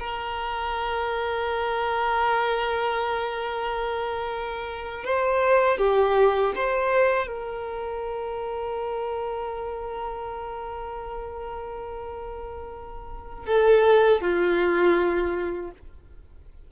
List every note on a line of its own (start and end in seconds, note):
0.00 5.05 A#4
5.05 5.79 C5
5.79 6.54 G4
6.56 7.28 C5
7.28 13.47 A#4
13.47 14.22 A4
14.22 15.72 F4